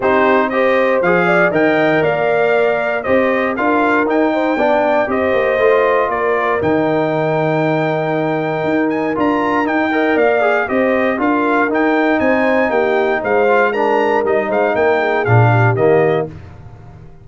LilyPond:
<<
  \new Staff \with { instrumentName = "trumpet" } { \time 4/4 \tempo 4 = 118 c''4 dis''4 f''4 g''4 | f''2 dis''4 f''4 | g''2 dis''2 | d''4 g''2.~ |
g''4. gis''8 ais''4 g''4 | f''4 dis''4 f''4 g''4 | gis''4 g''4 f''4 ais''4 | dis''8 f''8 g''4 f''4 dis''4 | }
  \new Staff \with { instrumentName = "horn" } { \time 4/4 g'4 c''4. d''8 dis''4 | d''2 c''4 ais'4~ | ais'8 c''8 d''4 c''2 | ais'1~ |
ais'2.~ ais'8 dis''8 | d''4 c''4 ais'2 | c''4 g'4 c''4 ais'4~ | ais'8 c''8 ais'8 gis'4 g'4. | }
  \new Staff \with { instrumentName = "trombone" } { \time 4/4 dis'4 g'4 gis'4 ais'4~ | ais'2 g'4 f'4 | dis'4 d'4 g'4 f'4~ | f'4 dis'2.~ |
dis'2 f'4 dis'8 ais'8~ | ais'8 gis'8 g'4 f'4 dis'4~ | dis'2~ dis'8 f'8 d'4 | dis'2 d'4 ais4 | }
  \new Staff \with { instrumentName = "tuba" } { \time 4/4 c'2 f4 dis4 | ais2 c'4 d'4 | dis'4 b4 c'8 ais8 a4 | ais4 dis2.~ |
dis4 dis'4 d'4 dis'4 | ais4 c'4 d'4 dis'4 | c'4 ais4 gis2 | g8 gis8 ais4 ais,4 dis4 | }
>>